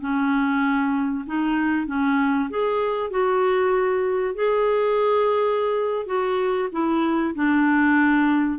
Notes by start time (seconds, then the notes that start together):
0.00 C#4
1.26 D#4
1.87 C#4
2.50 G#4
3.10 F#4
4.35 G#4
6.06 F#4
6.72 E4
7.35 D4